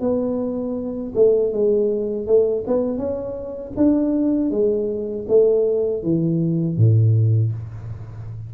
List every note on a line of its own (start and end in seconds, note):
0.00 1.12 B3
1.15 1.52 A3
1.53 2.26 G#3
2.26 2.64 A3
2.67 2.98 B3
2.98 3.73 C#4
3.77 4.51 D4
4.51 5.26 G#3
5.28 6.03 A3
6.03 6.77 E3
6.77 7.52 A2